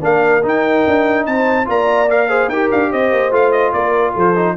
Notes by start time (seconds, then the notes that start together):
0.00 A#3 D4 A#4 F5
0.42 D#4 G5
0.87 D4
1.26 C4 C5 A5
1.65 A#3 F4 D5 A#5
2.09 A#4 F5
2.29 G#4 C5
2.48 D#4 G4 A#4 G5
2.71 D4 F5
2.92 C4 C5 D#5
3.12 A#3
3.31 A3 F4 F5
3.51 D#5
3.73 A#3 A#4 D5
4.13 F3 A4 C5
4.36 D#4